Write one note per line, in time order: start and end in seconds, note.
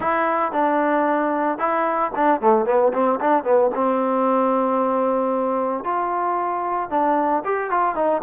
0.00 0.52 E4
0.52 1.58 D4
1.58 2.11 E4
2.15 2.40 D4
2.40 2.65 A3
2.65 2.92 B3
2.93 3.19 C4
3.20 3.43 D4
3.43 3.70 B3
3.74 5.83 C4
5.83 6.90 F4
6.90 7.43 D4
7.44 7.70 G4
7.70 7.95 F4
7.95 8.21 D#4